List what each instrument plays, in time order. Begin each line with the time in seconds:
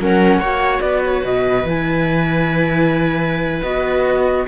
0.00 cello F#3, viola C#4 A#4, flute F#5
0.38 cello A#3, viola F#4 C#5
0.81 cello B3, viola B4, flute D5
1.05 flute C#5
1.24 cello B2, flute D#5
1.64 cello E3, viola E4, flute G#5
3.63 cello B3, viola F#4, flute D#5